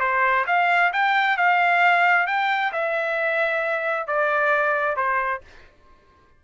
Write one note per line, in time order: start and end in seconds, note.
0.00 0.45 C5
0.47 0.92 F5
0.93 1.37 G5
1.37 2.27 F5
2.27 2.72 G5
2.73 4.07 E5
4.07 4.96 D5
4.96 5.41 C5